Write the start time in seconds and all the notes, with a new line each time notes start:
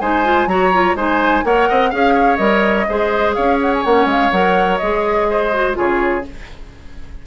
0.00 G#3 D#4 C5 G#5
0.24 F4
0.46 F#3 F#4 C#5 A#5
0.73 F4
0.95 G#3 D#4 C5 G#5
1.45 A#3 A#4 C#5 F#5
1.69 C4 D#5
1.90 C#4 G#4 F5
2.14 C#5
2.37 G3 A#4 D#5
2.89 G#3 G#4 C5
3.34 C#4 C#5 F5
3.61 F#5
3.74 G#5
3.85 A#3 C#4 F#5
4.06 G#3 F5
4.32 F#3 A#4 F#5
4.78 G#3 G#4 D#5
5.30 C5
5.54 F#4
5.74 C#3 F4 G#4 C#5